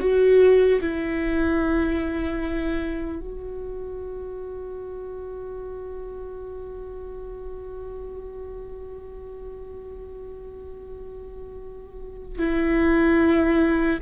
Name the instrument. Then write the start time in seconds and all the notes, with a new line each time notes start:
viola
0.00 F#4
0.81 E4
3.20 F#4
12.39 E4